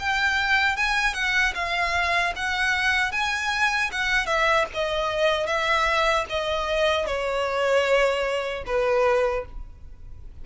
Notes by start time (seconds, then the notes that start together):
0.00 G5
0.77 G#5
1.14 F#5
1.55 F5
2.36 F#5
3.12 G#5
3.92 F#5
4.27 E5
4.74 D#5
5.47 E5
6.30 D#5
7.07 C#5
8.67 B4